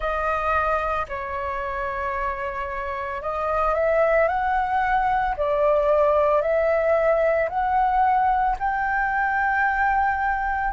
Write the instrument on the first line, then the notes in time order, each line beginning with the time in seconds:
flute
0.00 D#5
1.08 C#5
3.21 D#5
3.74 E5
4.28 F#5
5.36 D5
6.41 E5
7.49 F#5
8.59 G5